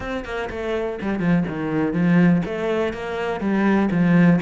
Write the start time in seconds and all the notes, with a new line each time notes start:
0.00 C4
0.24 A#3
0.50 A3
1.01 G3
1.19 F3
1.48 D#3
1.93 F3
2.45 A3
2.93 A#3
3.40 G3
3.91 F3